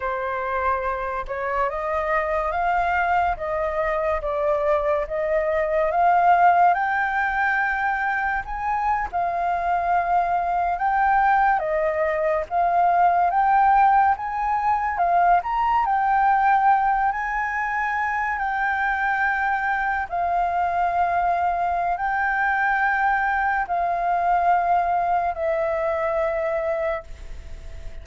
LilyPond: \new Staff \with { instrumentName = "flute" } { \time 4/4 \tempo 4 = 71 c''4. cis''8 dis''4 f''4 | dis''4 d''4 dis''4 f''4 | g''2 gis''8. f''4~ f''16~ | f''8. g''4 dis''4 f''4 g''16~ |
g''8. gis''4 f''8 ais''8 g''4~ g''16~ | g''16 gis''4. g''2 f''16~ | f''2 g''2 | f''2 e''2 | }